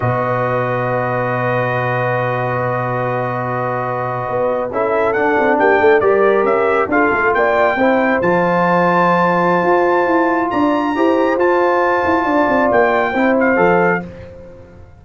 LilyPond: <<
  \new Staff \with { instrumentName = "trumpet" } { \time 4/4 \tempo 4 = 137 dis''1~ | dis''1~ | dis''2~ dis''8. e''4 fis''16~ | fis''8. g''4 d''4 e''4 f''16~ |
f''8. g''2 a''4~ a''16~ | a''1 | ais''2 a''2~ | a''4 g''4. f''4. | }
  \new Staff \with { instrumentName = "horn" } { \time 4/4 b'1~ | b'1~ | b'2~ b'8. a'4~ a'16~ | a'8. g'8 a'8 ais'2 a'16~ |
a'8. d''4 c''2~ c''16~ | c''1 | d''4 c''2. | d''2 c''2 | }
  \new Staff \with { instrumentName = "trombone" } { \time 4/4 fis'1~ | fis'1~ | fis'2~ fis'8. e'4 d'16~ | d'4.~ d'16 g'2 f'16~ |
f'4.~ f'16 e'4 f'4~ f'16~ | f'1~ | f'4 g'4 f'2~ | f'2 e'4 a'4 | }
  \new Staff \with { instrumentName = "tuba" } { \time 4/4 b,1~ | b,1~ | b,4.~ b,16 b4 cis'4 d'16~ | d'16 c'8 ais8 a8 g4 cis'4 d'16~ |
d'16 a8 ais4 c'4 f4~ f16~ | f2 f'4 e'4 | d'4 e'4 f'4. e'8 | d'8 c'8 ais4 c'4 f4 | }
>>